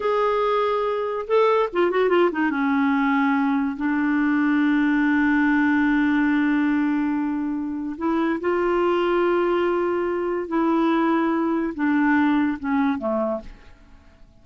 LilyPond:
\new Staff \with { instrumentName = "clarinet" } { \time 4/4 \tempo 4 = 143 gis'2. a'4 | f'8 fis'8 f'8 dis'8 cis'2~ | cis'4 d'2.~ | d'1~ |
d'2. e'4 | f'1~ | f'4 e'2. | d'2 cis'4 a4 | }